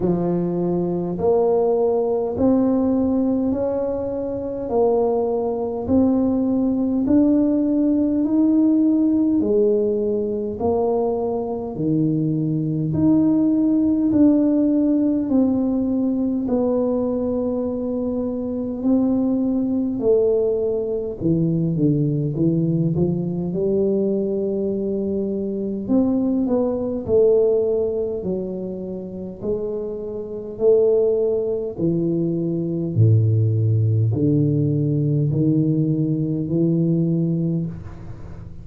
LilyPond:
\new Staff \with { instrumentName = "tuba" } { \time 4/4 \tempo 4 = 51 f4 ais4 c'4 cis'4 | ais4 c'4 d'4 dis'4 | gis4 ais4 dis4 dis'4 | d'4 c'4 b2 |
c'4 a4 e8 d8 e8 f8 | g2 c'8 b8 a4 | fis4 gis4 a4 e4 | a,4 d4 dis4 e4 | }